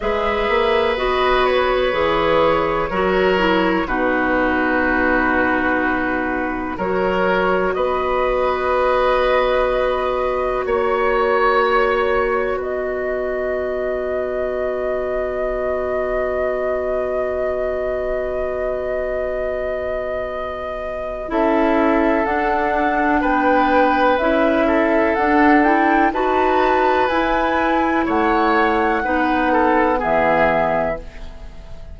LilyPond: <<
  \new Staff \with { instrumentName = "flute" } { \time 4/4 \tempo 4 = 62 e''4 dis''8 cis''2~ cis''8 | b'2. cis''4 | dis''2. cis''4~ | cis''4 dis''2.~ |
dis''1~ | dis''2 e''4 fis''4 | g''4 e''4 fis''8 g''8 a''4 | gis''4 fis''2 e''4 | }
  \new Staff \with { instrumentName = "oboe" } { \time 4/4 b'2. ais'4 | fis'2. ais'4 | b'2. cis''4~ | cis''4 b'2.~ |
b'1~ | b'2 a'2 | b'4. a'4. b'4~ | b'4 cis''4 b'8 a'8 gis'4 | }
  \new Staff \with { instrumentName = "clarinet" } { \time 4/4 gis'4 fis'4 gis'4 fis'8 e'8 | dis'2. fis'4~ | fis'1~ | fis'1~ |
fis'1~ | fis'2 e'4 d'4~ | d'4 e'4 d'8 e'8 fis'4 | e'2 dis'4 b4 | }
  \new Staff \with { instrumentName = "bassoon" } { \time 4/4 gis8 ais8 b4 e4 fis4 | b,2. fis4 | b2. ais4~ | ais4 b2.~ |
b1~ | b2 cis'4 d'4 | b4 cis'4 d'4 dis'4 | e'4 a4 b4 e4 | }
>>